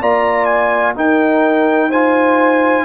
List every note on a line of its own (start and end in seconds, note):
0.00 0.95 A#3
0.00 0.95 F4
0.00 0.95 D5
0.00 0.45 A#5
0.45 0.93 G#5
0.95 1.91 D#4
0.95 2.85 D#4
0.95 1.90 A#4
0.95 1.92 G5
1.90 2.85 F4
1.90 2.85 C5
1.90 2.85 G#5